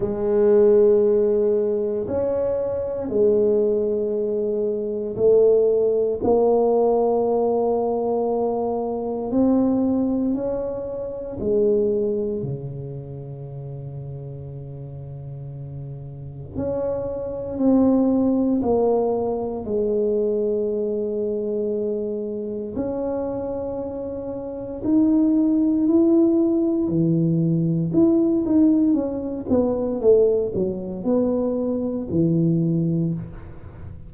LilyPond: \new Staff \with { instrumentName = "tuba" } { \time 4/4 \tempo 4 = 58 gis2 cis'4 gis4~ | gis4 a4 ais2~ | ais4 c'4 cis'4 gis4 | cis1 |
cis'4 c'4 ais4 gis4~ | gis2 cis'2 | dis'4 e'4 e4 e'8 dis'8 | cis'8 b8 a8 fis8 b4 e4 | }